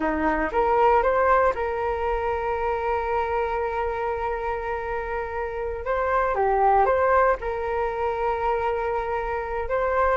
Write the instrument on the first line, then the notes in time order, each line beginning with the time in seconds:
flute
0.00 D#4
0.52 A#4
1.02 C5
1.54 A#4
5.84 C5
6.34 G4
6.85 C5
7.40 A#4
9.68 C5